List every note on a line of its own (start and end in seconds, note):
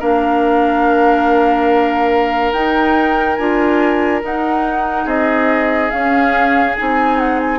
0.00 2.53 A#3
0.00 2.54 D4
0.00 5.05 A#4
0.00 2.53 F5
2.53 3.38 D#4
2.53 3.39 D#4
2.53 3.36 G5
3.36 4.23 D4
3.36 4.22 F4
3.36 4.21 G#5
4.22 5.91 D#4
4.22 5.06 D#4
4.22 5.08 F#5
5.05 5.91 C4
5.05 7.59 G#4
5.05 5.91 D#5
5.91 6.76 C#4
5.91 6.78 C#4
5.91 6.75 F5
6.76 7.60 C4
6.76 7.60 D#4
6.76 7.19 G#5
7.19 7.40 F#5
7.41 7.60 G#5